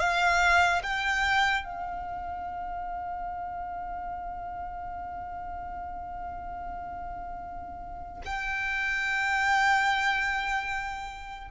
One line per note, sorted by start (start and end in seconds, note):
0.00 0.82 F5
0.83 1.64 G5
1.64 8.22 F5
8.26 11.51 G5